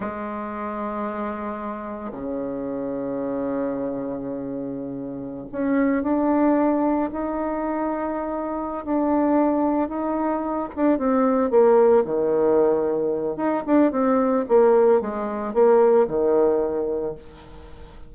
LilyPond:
\new Staff \with { instrumentName = "bassoon" } { \time 4/4 \tempo 4 = 112 gis1 | cis1~ | cis2~ cis16 cis'4 d'8.~ | d'4~ d'16 dis'2~ dis'8.~ |
dis'8 d'2 dis'4. | d'8 c'4 ais4 dis4.~ | dis4 dis'8 d'8 c'4 ais4 | gis4 ais4 dis2 | }